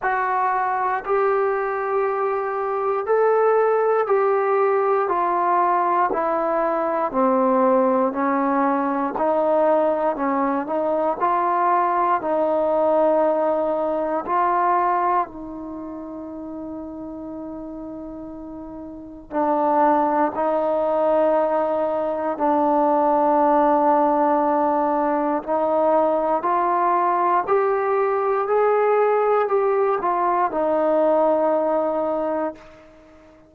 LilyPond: \new Staff \with { instrumentName = "trombone" } { \time 4/4 \tempo 4 = 59 fis'4 g'2 a'4 | g'4 f'4 e'4 c'4 | cis'4 dis'4 cis'8 dis'8 f'4 | dis'2 f'4 dis'4~ |
dis'2. d'4 | dis'2 d'2~ | d'4 dis'4 f'4 g'4 | gis'4 g'8 f'8 dis'2 | }